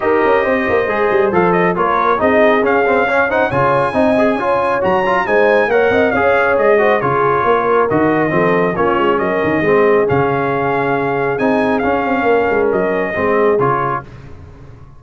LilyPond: <<
  \new Staff \with { instrumentName = "trumpet" } { \time 4/4 \tempo 4 = 137 dis''2. f''8 dis''8 | cis''4 dis''4 f''4. fis''8 | gis''2. ais''4 | gis''4 fis''4 f''4 dis''4 |
cis''2 dis''2 | cis''4 dis''2 f''4~ | f''2 gis''4 f''4~ | f''4 dis''2 cis''4 | }
  \new Staff \with { instrumentName = "horn" } { \time 4/4 ais'4 c''2. | ais'4 gis'2 cis''8 c''8 | cis''4 dis''4 cis''2 | c''4 cis''8 dis''8 cis''4. c''8 |
gis'4 ais'2 a'4 | f'4 ais'4 gis'2~ | gis'1 | ais'2 gis'2 | }
  \new Staff \with { instrumentName = "trombone" } { \time 4/4 g'2 gis'4 a'4 | f'4 dis'4 cis'8 c'8 cis'8 dis'8 | f'4 dis'8 gis'8 f'4 fis'8 f'8 | dis'4 ais'4 gis'4. fis'8 |
f'2 fis'4 c'4 | cis'2 c'4 cis'4~ | cis'2 dis'4 cis'4~ | cis'2 c'4 f'4 | }
  \new Staff \with { instrumentName = "tuba" } { \time 4/4 dis'8 cis'8 c'8 ais8 gis8 g8 f4 | ais4 c'4 cis'2 | cis4 c'4 cis'4 fis4 | gis4 ais8 c'8 cis'4 gis4 |
cis4 ais4 dis4 f4 | ais8 gis8 fis8 dis8 gis4 cis4~ | cis2 c'4 cis'8 c'8 | ais8 gis8 fis4 gis4 cis4 | }
>>